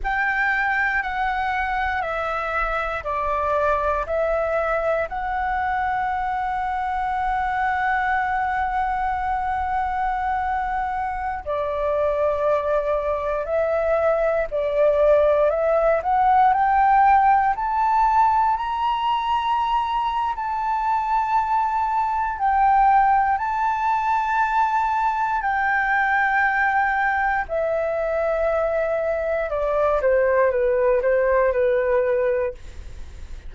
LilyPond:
\new Staff \with { instrumentName = "flute" } { \time 4/4 \tempo 4 = 59 g''4 fis''4 e''4 d''4 | e''4 fis''2.~ | fis''2.~ fis''16 d''8.~ | d''4~ d''16 e''4 d''4 e''8 fis''16~ |
fis''16 g''4 a''4 ais''4.~ ais''16 | a''2 g''4 a''4~ | a''4 g''2 e''4~ | e''4 d''8 c''8 b'8 c''8 b'4 | }